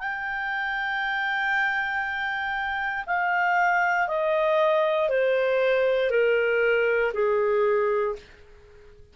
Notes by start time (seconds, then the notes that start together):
0.00 G5
3.06 F5
4.08 D#5
5.10 C5
6.11 A#4
7.14 G#4